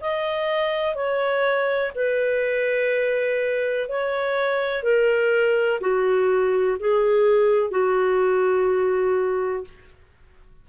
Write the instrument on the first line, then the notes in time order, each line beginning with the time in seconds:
clarinet
0.00 D#5
0.95 C#5
1.95 B4
3.88 C#5
4.83 A#4
5.80 F#4
6.79 G#4
7.70 F#4